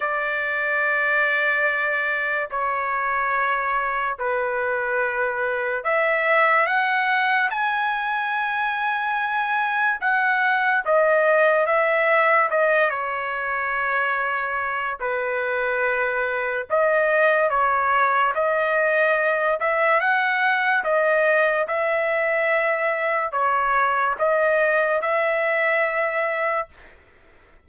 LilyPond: \new Staff \with { instrumentName = "trumpet" } { \time 4/4 \tempo 4 = 72 d''2. cis''4~ | cis''4 b'2 e''4 | fis''4 gis''2. | fis''4 dis''4 e''4 dis''8 cis''8~ |
cis''2 b'2 | dis''4 cis''4 dis''4. e''8 | fis''4 dis''4 e''2 | cis''4 dis''4 e''2 | }